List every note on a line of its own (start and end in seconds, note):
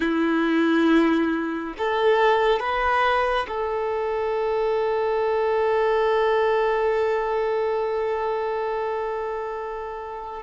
0.00 1.74 E4
1.78 2.59 A4
2.59 3.46 B4
3.47 10.42 A4